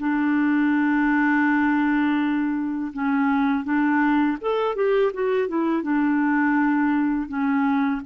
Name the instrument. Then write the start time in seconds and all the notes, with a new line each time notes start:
clarinet
0.00 D4
2.93 C#4
3.65 D4
4.41 A4
4.76 G4
5.14 F#4
5.49 E4
5.83 D4
7.29 C#4